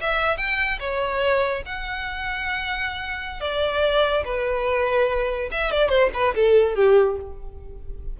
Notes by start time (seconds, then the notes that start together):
0.00 E5
0.37 G5
0.79 C#5
1.65 F#5
3.40 D5
4.24 B4
5.51 E5
5.71 D5
5.89 C5
6.13 B4
6.35 A4
6.74 G4